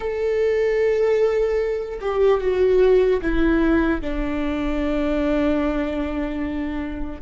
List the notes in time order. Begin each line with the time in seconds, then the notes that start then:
0.00 A4
2.00 G4
2.40 F#4
3.21 E4
4.01 D4